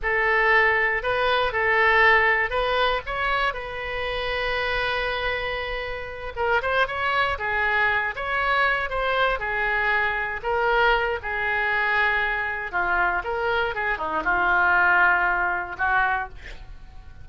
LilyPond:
\new Staff \with { instrumentName = "oboe" } { \time 4/4 \tempo 4 = 118 a'2 b'4 a'4~ | a'4 b'4 cis''4 b'4~ | b'1~ | b'8 ais'8 c''8 cis''4 gis'4. |
cis''4. c''4 gis'4.~ | gis'8 ais'4. gis'2~ | gis'4 f'4 ais'4 gis'8 dis'8 | f'2. fis'4 | }